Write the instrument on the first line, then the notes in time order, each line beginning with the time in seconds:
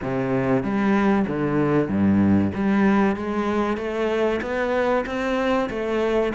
cello
0.02 C3
0.63 G3
1.27 D3
1.88 G2
2.54 G3
3.16 G#3
3.77 A3
4.41 B3
5.06 C4
5.69 A3